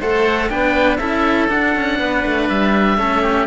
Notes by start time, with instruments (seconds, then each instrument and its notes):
0.00 cello A3 A4, oboe C5 F#5
0.49 cello B3 D4, oboe B4 G5
0.97 cello C#4 E4, oboe A4 E5
1.49 cello D4, oboe F#5
1.76 cello C#4
2.00 cello B3, oboe B4
2.26 cello A3
2.49 cello G3, oboe E5
2.97 cello A3 C#4, oboe A4
3.22 oboe G4